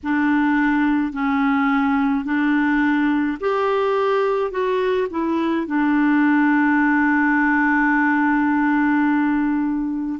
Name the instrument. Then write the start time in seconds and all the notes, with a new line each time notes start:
clarinet
0.03 D4
1.12 C#4
2.24 D4
3.40 G4
4.51 F#4
5.10 E4
5.67 D4